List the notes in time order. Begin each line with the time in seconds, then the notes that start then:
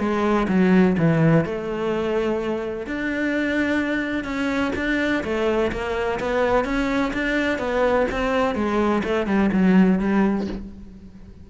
0.00 G#3
0.49 F#3
0.99 E3
1.45 A3
2.87 D4
4.25 C#4
4.76 D4
5.24 A3
5.72 A#3
6.20 B3
6.65 C#4
7.14 D4
7.59 B3
8.12 C4
8.55 G#3
9.04 A3
9.27 G3
9.53 F#3
10.00 G3